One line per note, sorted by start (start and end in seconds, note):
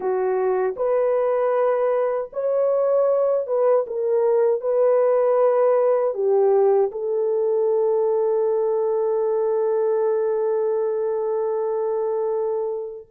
0.00 0.74 F#4
0.76 2.30 B4
2.32 3.47 C#5
3.47 3.85 B4
3.86 4.60 A#4
4.60 6.14 B4
6.14 6.91 G4
6.91 13.06 A4